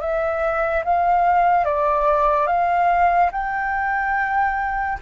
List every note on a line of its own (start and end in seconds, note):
0.00 0.83 E5
0.84 1.64 F5
1.64 2.47 D5
2.47 3.30 F5
3.31 4.98 G5